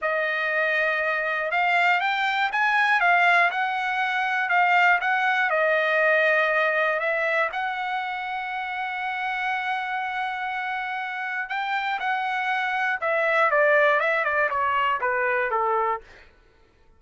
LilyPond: \new Staff \with { instrumentName = "trumpet" } { \time 4/4 \tempo 4 = 120 dis''2. f''4 | g''4 gis''4 f''4 fis''4~ | fis''4 f''4 fis''4 dis''4~ | dis''2 e''4 fis''4~ |
fis''1~ | fis''2. g''4 | fis''2 e''4 d''4 | e''8 d''8 cis''4 b'4 a'4 | }